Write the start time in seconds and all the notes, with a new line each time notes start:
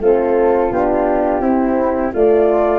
0.00 A3 C4 F4 A4
0.71 B3 D4 G4
1.40 C4 E4
2.13 A3 F4 D5